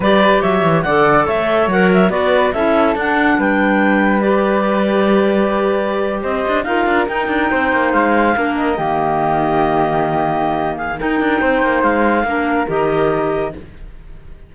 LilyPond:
<<
  \new Staff \with { instrumentName = "clarinet" } { \time 4/4 \tempo 4 = 142 d''4 e''4 fis''4 e''4 | fis''8 e''8 d''4 e''4 fis''4 | g''2 d''2~ | d''2~ d''8. dis''4 f''16~ |
f''8. g''2 f''4~ f''16~ | f''16 dis''2.~ dis''8.~ | dis''4. f''8 g''2 | f''2 dis''2 | }
  \new Staff \with { instrumentName = "flute" } { \time 4/4 b'4 cis''4 d''4 cis''4~ | cis''4 b'4 a'2 | b'1~ | b'2~ b'8. c''4 ais'16~ |
ais'4.~ ais'16 c''2 ais'16~ | ais'8. g'2.~ g'16~ | g'4. gis'8 ais'4 c''4~ | c''4 ais'2. | }
  \new Staff \with { instrumentName = "clarinet" } { \time 4/4 g'2 a'2 | ais'4 fis'4 e'4 d'4~ | d'2 g'2~ | g'2.~ g'8. f'16~ |
f'8. dis'2. d'16~ | d'8. ais2.~ ais16~ | ais2 dis'2~ | dis'4 d'4 g'2 | }
  \new Staff \with { instrumentName = "cello" } { \time 4/4 g4 fis8 e8 d4 a4 | fis4 b4 cis'4 d'4 | g1~ | g2~ g8. c'8 d'8 dis'16~ |
dis'16 d'8 dis'8 d'8 c'8 ais8 gis4 ais16~ | ais8. dis2.~ dis16~ | dis2 dis'8 d'8 c'8 ais8 | gis4 ais4 dis2 | }
>>